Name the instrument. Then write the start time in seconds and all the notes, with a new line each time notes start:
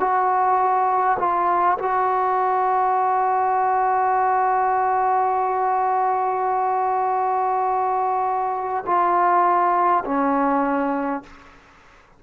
trombone
0.00 F#4
1.19 F4
1.79 F#4
8.87 F4
10.05 C#4